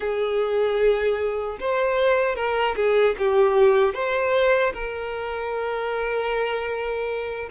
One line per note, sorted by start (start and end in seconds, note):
0.00 1.58 G#4
1.60 2.35 C5
2.35 2.75 A#4
2.76 3.15 G#4
3.18 3.94 G4
3.94 4.73 C5
4.73 7.49 A#4